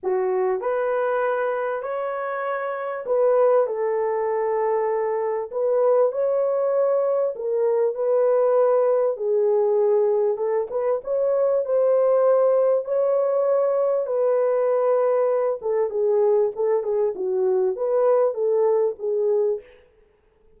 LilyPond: \new Staff \with { instrumentName = "horn" } { \time 4/4 \tempo 4 = 98 fis'4 b'2 cis''4~ | cis''4 b'4 a'2~ | a'4 b'4 cis''2 | ais'4 b'2 gis'4~ |
gis'4 a'8 b'8 cis''4 c''4~ | c''4 cis''2 b'4~ | b'4. a'8 gis'4 a'8 gis'8 | fis'4 b'4 a'4 gis'4 | }